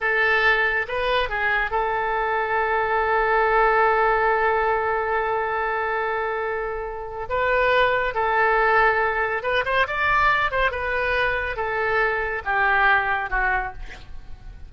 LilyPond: \new Staff \with { instrumentName = "oboe" } { \time 4/4 \tempo 4 = 140 a'2 b'4 gis'4 | a'1~ | a'1~ | a'1~ |
a'4 b'2 a'4~ | a'2 b'8 c''8 d''4~ | d''8 c''8 b'2 a'4~ | a'4 g'2 fis'4 | }